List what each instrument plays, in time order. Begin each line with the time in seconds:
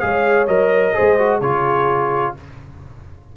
0.00 tuba G#3, trombone G#4, horn C#5, trumpet F5
0.48 tuba F#3, trombone A#4, trumpet D#5
0.95 trombone G#4, horn C5
1.01 tuba G#3
1.18 trombone F#4
1.40 tuba C#3, trombone F4, horn G#4, trumpet C#5